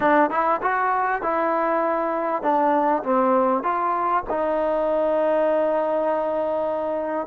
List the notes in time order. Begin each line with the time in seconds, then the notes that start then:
0.00 D4
0.30 E4
0.62 F#4
1.22 E4
2.42 D4
3.03 C4
3.63 F4
4.29 D#4